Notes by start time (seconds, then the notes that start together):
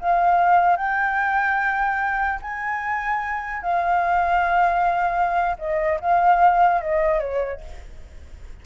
0.00 F5
0.77 G5
2.42 G#5
3.63 F5
5.59 D#5
6.01 F5
6.81 D#5
7.20 C#5